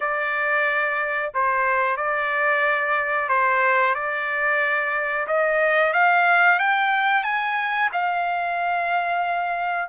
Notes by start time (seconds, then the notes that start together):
0.00 D5
1.34 C5
1.97 D5
3.28 C5
3.94 D5
5.27 D#5
5.93 F5
6.59 G5
7.23 G#5
7.92 F5